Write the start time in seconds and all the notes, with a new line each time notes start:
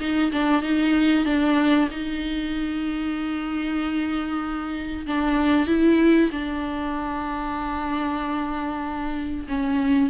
0.00 D#4
0.32 D4
0.62 D#4
1.26 D4
1.91 D#4
5.07 D4
5.67 E4
6.32 D4
9.48 C#4